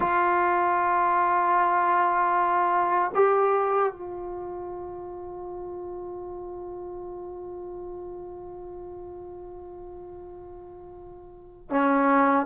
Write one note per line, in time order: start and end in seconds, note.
0.00 3.11 F4
3.14 3.92 G4
3.92 11.70 F4
11.70 12.46 C#4